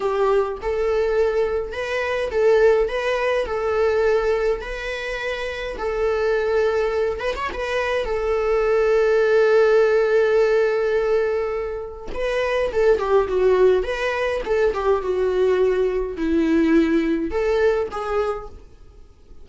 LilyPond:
\new Staff \with { instrumentName = "viola" } { \time 4/4 \tempo 4 = 104 g'4 a'2 b'4 | a'4 b'4 a'2 | b'2 a'2~ | a'8 b'16 cis''16 b'4 a'2~ |
a'1~ | a'4 b'4 a'8 g'8 fis'4 | b'4 a'8 g'8 fis'2 | e'2 a'4 gis'4 | }